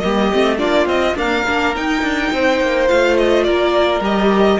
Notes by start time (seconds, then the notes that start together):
0.00 G3 A#3 G4 D#5
0.33 A3 C4
0.59 A#3 D4 F4 D5
0.86 C4 D#5
1.15 A#3 D4 A#4 F5
1.48 A#3 D4
1.76 D#4 G5
2.02 D4
2.32 C4 C5
2.61 A#3
2.88 A3 F4 F5
3.18 D#5
3.44 A#3 A#4 D5
4.01 G3 G4 D#5